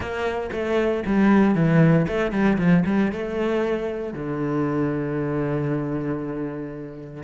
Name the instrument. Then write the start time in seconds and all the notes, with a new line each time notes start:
cello
0.00 A#3
0.52 A3
1.06 G3
1.54 E3
2.07 A3
2.31 G3
2.58 F3
2.86 G3
3.12 A3
4.13 D3